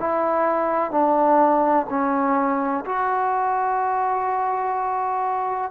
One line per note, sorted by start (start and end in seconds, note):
0.00 0.91 E4
0.91 1.86 D4
1.90 2.85 C#4
2.86 5.71 F#4